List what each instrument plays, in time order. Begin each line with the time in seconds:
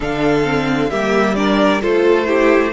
0.00 cello D3, viola D4, violin A4 F5
0.44 viola C4
0.90 cello G3, viola A#3, violin G4 E5
1.34 viola D4, violin A#4 D5
1.81 cello A3, viola F4, violin A4 C5
2.25 viola E4, violin G4